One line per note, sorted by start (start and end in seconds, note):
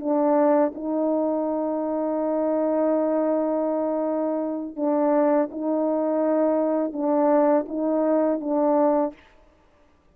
0.00 0.73 D4
0.75 4.77 D#4
4.77 5.50 D4
5.52 6.93 D#4
6.93 7.66 D4
7.69 8.40 D#4
8.40 9.14 D4